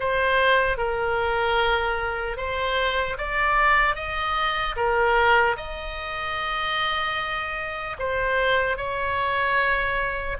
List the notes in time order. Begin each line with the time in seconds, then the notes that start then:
0.00 C5
0.77 A#4
2.37 C5
3.18 D5
3.96 D#5
4.76 A#4
5.56 D#5
7.99 C5
8.77 C#5